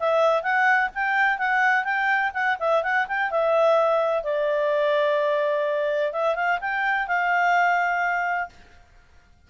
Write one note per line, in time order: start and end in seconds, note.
0.00 0.43 E5
0.43 0.90 F#5
0.95 1.39 G5
1.39 1.84 F#5
1.84 2.32 G5
2.34 2.57 F#5
2.59 2.83 E5
2.83 3.07 F#5
3.08 3.30 G5
3.30 4.24 E5
4.24 6.13 D5
6.13 6.35 E5
6.35 6.59 F5
6.61 7.08 G5
7.08 8.49 F5